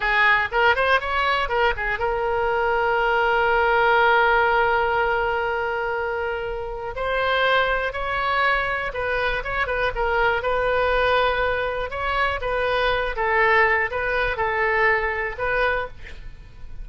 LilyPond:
\new Staff \with { instrumentName = "oboe" } { \time 4/4 \tempo 4 = 121 gis'4 ais'8 c''8 cis''4 ais'8 gis'8 | ais'1~ | ais'1~ | ais'2 c''2 |
cis''2 b'4 cis''8 b'8 | ais'4 b'2. | cis''4 b'4. a'4. | b'4 a'2 b'4 | }